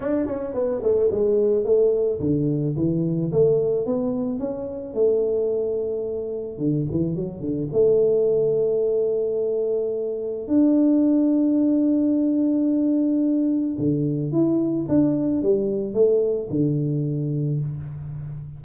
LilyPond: \new Staff \with { instrumentName = "tuba" } { \time 4/4 \tempo 4 = 109 d'8 cis'8 b8 a8 gis4 a4 | d4 e4 a4 b4 | cis'4 a2. | d8 e8 fis8 d8 a2~ |
a2. d'4~ | d'1~ | d'4 d4 e'4 d'4 | g4 a4 d2 | }